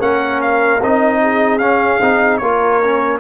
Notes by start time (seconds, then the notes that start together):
0.00 A#3 C#4 A#4 F#5
0.42 F5
0.81 C4 D#4 D#5
1.22 G#4
1.59 C#4 F5
2.02 C4 D#4
2.38 A#3 F4 A#4 C#5
2.83 C#4